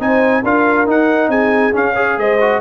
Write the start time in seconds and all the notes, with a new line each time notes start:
0.00 C4 D#4 C5 G#5
0.43 D4 F4 A#4 F5
0.87 D#4 F#5
1.29 C4 G#4 G#5
1.73 C#4 F5
1.94 G#4 C#5
2.18 G#3 C5 D#5
2.41 F#4